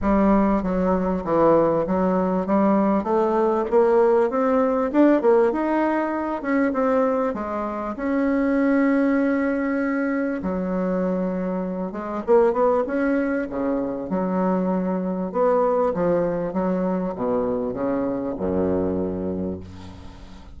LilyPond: \new Staff \with { instrumentName = "bassoon" } { \time 4/4 \tempo 4 = 98 g4 fis4 e4 fis4 | g4 a4 ais4 c'4 | d'8 ais8 dis'4. cis'8 c'4 | gis4 cis'2.~ |
cis'4 fis2~ fis8 gis8 | ais8 b8 cis'4 cis4 fis4~ | fis4 b4 f4 fis4 | b,4 cis4 fis,2 | }